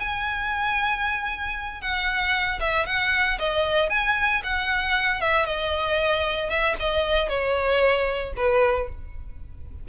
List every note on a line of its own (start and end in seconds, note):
0.00 1.82 G#5
1.82 2.60 F#5
2.60 2.86 E5
2.87 3.39 F#5
3.39 3.90 D#5
3.90 4.42 G#5
4.44 5.22 F#5
5.22 5.46 E5
5.46 6.50 D#5
6.50 6.76 E5
6.80 7.29 D#5
7.29 8.34 C#5
8.37 8.89 B4